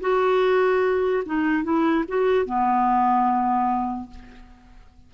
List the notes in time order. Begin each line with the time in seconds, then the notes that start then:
0.00 F#4
1.26 D#4
1.63 E4
2.08 F#4
2.45 B3